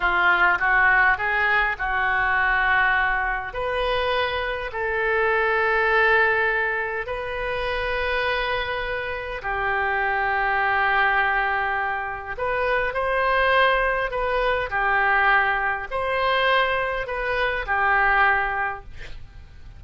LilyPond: \new Staff \with { instrumentName = "oboe" } { \time 4/4 \tempo 4 = 102 f'4 fis'4 gis'4 fis'4~ | fis'2 b'2 | a'1 | b'1 |
g'1~ | g'4 b'4 c''2 | b'4 g'2 c''4~ | c''4 b'4 g'2 | }